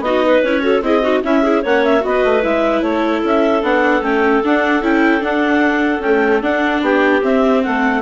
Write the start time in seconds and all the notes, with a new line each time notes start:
0.00 B3 D#4 F#4 D#5
0.26 B4
0.43 C#4 E4 C#5
0.61 F#4 A4
0.82 C4 E4 G#4 D#5
1.03 D#4 F#4
1.24 C#4 E4 E5
1.43 E4 G#4
1.62 A#3 C#4 C#5 F#5
1.85 E5
2.01 B3 F#4 D#5
2.07 B4
2.25 A3
2.43 G#3 E4 E5
2.82 A3 A4 C#5
3.25 C#4 E5
3.62 B3 D4 F#5
4.02 A3 C#4 G5
4.45 D4 F#5
4.81 C#4 E4 G5
5.21 D4 F#5
6.00 A3 C#4 G5
6.42 D4 F#5
6.82 B3 G4 G5
7.21 C4 E5
7.63 A3 A4 F#5